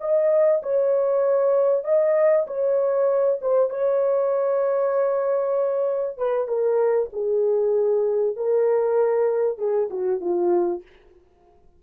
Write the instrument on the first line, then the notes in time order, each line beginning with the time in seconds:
horn
0.00 D#5
0.63 C#5
1.84 D#5
2.47 C#5
3.41 C5
3.70 C#5
6.17 B4
6.48 A#4
7.13 G#4
8.36 A#4
9.58 G#4
9.90 F#4
10.21 F4